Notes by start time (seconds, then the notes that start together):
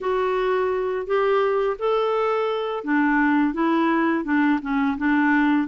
0.01 F#4
1.06 G4
1.78 A4
2.84 D4
3.53 E4
4.24 D4
4.62 C#4
4.97 D4